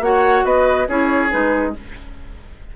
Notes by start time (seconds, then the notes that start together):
0.00 A#3 F#4 C#5 F#5
0.44 B3 B4 D#5
0.88 C#4 E4 G#4 C#5
1.30 G#3 D#4 B4